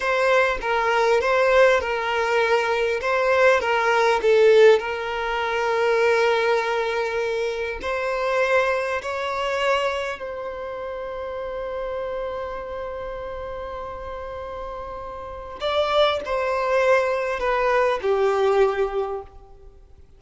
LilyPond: \new Staff \with { instrumentName = "violin" } { \time 4/4 \tempo 4 = 100 c''4 ais'4 c''4 ais'4~ | ais'4 c''4 ais'4 a'4 | ais'1~ | ais'4 c''2 cis''4~ |
cis''4 c''2.~ | c''1~ | c''2 d''4 c''4~ | c''4 b'4 g'2 | }